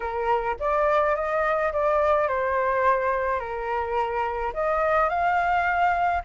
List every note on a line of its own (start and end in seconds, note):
0.00 0.56 A#4
0.59 1.15 D5
1.15 1.72 D#5
1.72 2.28 D5
2.28 3.39 C5
3.39 4.53 A#4
4.53 5.09 D#5
5.09 6.22 F5